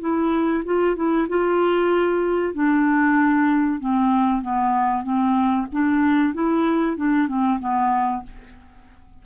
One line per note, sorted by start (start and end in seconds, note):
0.00 0.63 E4
0.65 0.96 F4
0.96 1.27 E4
1.29 2.53 F4
2.53 3.80 D4
3.80 4.42 C4
4.42 5.03 B3
5.03 5.66 C4
5.72 6.34 D4
6.34 6.96 E4
6.96 7.28 D4
7.28 7.59 C4
7.60 8.23 B3